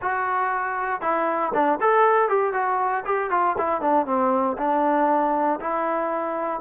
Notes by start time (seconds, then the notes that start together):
0.01 F#4
1.01 E4
1.53 D4
1.81 A4
2.29 G4
2.53 F#4
3.05 G4
3.30 F4
3.58 E4
3.81 D4
4.06 C4
4.57 D4
5.59 E4